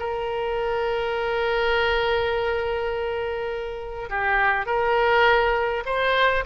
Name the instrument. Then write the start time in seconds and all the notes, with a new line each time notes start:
oboe
0.00 A#4
4.10 G4
4.66 A#4
5.86 C5